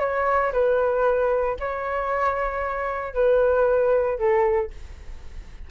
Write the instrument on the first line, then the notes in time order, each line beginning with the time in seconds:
flute
0.00 C#5
0.52 B4
1.60 C#5
3.14 B4
4.18 A4